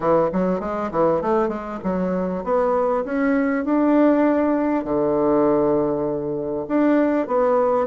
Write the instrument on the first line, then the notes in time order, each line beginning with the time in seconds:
bassoon
0.00 E3
0.32 F#3
0.60 G#3
0.91 E3
1.21 A3
1.48 G#3
1.83 F#3
2.44 B3
3.04 C#4
3.64 D4
4.84 D3
6.67 D4
7.27 B3